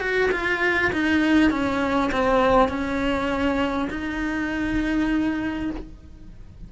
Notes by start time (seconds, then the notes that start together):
0.00 F#4
0.31 F4
0.92 D#4
1.50 C#4
2.11 C4
2.68 C#4
3.90 D#4